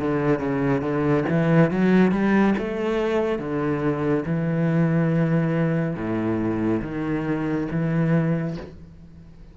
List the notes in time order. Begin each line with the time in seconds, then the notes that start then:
0.00 D3
0.39 C#3
0.81 D3
1.29 E3
1.71 F#3
2.12 G3
2.58 A3
3.39 D3
4.25 E3
5.96 A2
6.82 D#3
7.71 E3